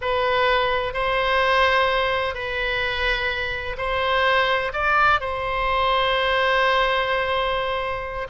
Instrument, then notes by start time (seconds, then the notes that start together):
oboe
0.01 B4
0.93 C5
2.34 B4
3.77 C5
4.73 D5
5.20 C5